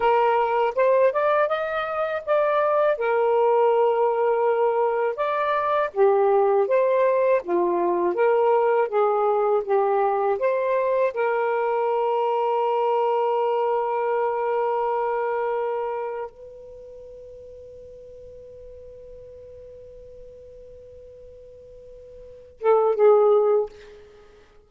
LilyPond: \new Staff \with { instrumentName = "saxophone" } { \time 4/4 \tempo 4 = 81 ais'4 c''8 d''8 dis''4 d''4 | ais'2. d''4 | g'4 c''4 f'4 ais'4 | gis'4 g'4 c''4 ais'4~ |
ais'1~ | ais'2 b'2~ | b'1~ | b'2~ b'8 a'8 gis'4 | }